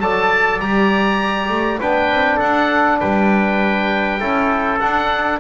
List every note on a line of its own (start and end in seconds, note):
0.00 0.60 F#3
0.00 0.61 A4
0.00 1.80 D5
0.00 0.60 A5
0.60 1.49 G3
0.60 1.81 G4
0.60 1.81 A#5
1.49 1.79 A3
1.80 2.11 B3
1.80 4.20 D4
1.80 2.37 B4
1.80 2.40 G5
2.11 2.41 C4
2.37 3.01 D4
2.37 2.97 A4
2.37 3.00 F#5
3.00 4.22 G3
3.00 4.20 B4
3.00 4.80 G5
4.20 4.82 C#4
4.20 4.80 E4
4.20 5.40 A4
4.80 5.40 D4
4.80 5.40 F#5